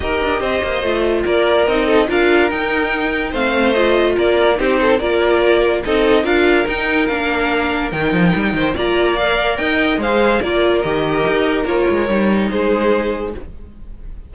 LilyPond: <<
  \new Staff \with { instrumentName = "violin" } { \time 4/4 \tempo 4 = 144 dis''2. d''4 | dis''4 f''4 g''2 | f''4 dis''4 d''4 c''4 | d''2 dis''4 f''4 |
g''4 f''2 g''4~ | g''4 ais''4 f''4 g''4 | f''4 d''4 dis''2 | cis''2 c''2 | }
  \new Staff \with { instrumentName = "violin" } { \time 4/4 ais'4 c''2 ais'4~ | ais'8 a'8 ais'2. | c''2 ais'4 g'8 a'8 | ais'2 a'4 ais'4~ |
ais'1~ | ais'8 c''8 d''2 dis''4 | c''4 ais'2.~ | ais'2 gis'2 | }
  \new Staff \with { instrumentName = "viola" } { \time 4/4 g'2 f'2 | dis'4 f'4 dis'2 | c'4 f'2 dis'4 | f'2 dis'4 f'4 |
dis'4 d'2 dis'4~ | dis'4 f'4 ais'2 | gis'4 f'4 g'2 | f'4 dis'2. | }
  \new Staff \with { instrumentName = "cello" } { \time 4/4 dis'8 d'8 c'8 ais8 a4 ais4 | c'4 d'4 dis'2 | a2 ais4 c'4 | ais2 c'4 d'4 |
dis'4 ais2 dis8 f8 | g8 dis8 ais2 dis'4 | gis4 ais4 dis4 dis'4 | ais8 gis8 g4 gis2 | }
>>